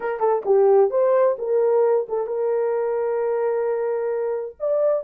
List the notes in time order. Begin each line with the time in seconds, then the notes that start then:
0.00 A#4
0.19 A4
0.45 G4
0.90 C5
1.38 A#4
2.09 A4
2.26 A#4
4.59 D5